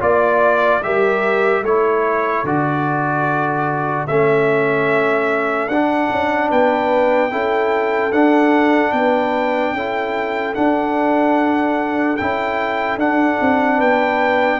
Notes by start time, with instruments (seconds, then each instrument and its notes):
0.00 tuba A#3, trombone F4, horn D5, trumpet D5
0.82 tuba G3, trombone G4, horn A#4, trumpet E5
1.61 tuba A3, trombone E4, horn A4, trumpet C#5
2.44 tuba D3, trombone F#4, trumpet D5
4.06 tuba A3, trombone C#4, trumpet E5
5.68 tuba D4, trombone D4, trumpet F#5
6.10 tuba C#4
6.49 tuba B3, horn B4, trumpet G5
7.30 tuba C#4, trombone E4, horn A4
8.11 tuba D4, trombone D4, trumpet F#5
8.92 tuba B3, horn B4, trumpet G5
9.73 tuba C#4, trombone E4, horn A4
10.54 trombone D4, tuba D4, trumpet F#5
12.16 tuba C#4, trombone E4, trumpet G5
12.96 tuba D4, trombone D4, trumpet F#5
13.40 tuba C4
13.77 tuba B3, horn B4, trumpet G5